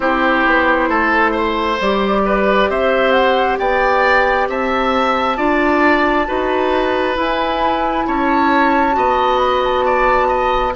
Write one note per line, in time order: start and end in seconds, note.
0.00 0.45 C4
0.00 1.77 E4
0.00 0.89 G4
0.00 1.79 C5
0.46 0.89 B3
0.89 1.78 A3
0.89 1.31 A4
1.31 2.21 C5
1.80 2.68 G3
1.80 5.37 G4
1.80 2.70 D5
2.25 2.70 B4
2.68 3.58 C4
2.68 3.58 C5
2.68 3.11 E5
3.11 3.56 F#5
3.58 4.48 B3
3.58 4.48 D5
3.58 4.48 G5
4.48 5.37 C4
4.48 5.37 E5
4.48 7.18 A5
5.37 6.27 D4
5.37 6.26 F4
5.37 6.26 D5
6.26 7.16 D#4
6.26 7.14 F#4
6.26 8.06 B4
7.14 8.91 E4
7.14 8.06 E4
7.14 8.06 G#5
8.06 8.96 C#4
8.06 8.96 C#5
8.06 9.38 A5
8.91 10.75 B3
8.91 10.70 F#4
8.91 9.85 D#5
9.38 9.60 B5
9.63 10.75 A5
9.85 10.28 D5
10.28 10.72 D#5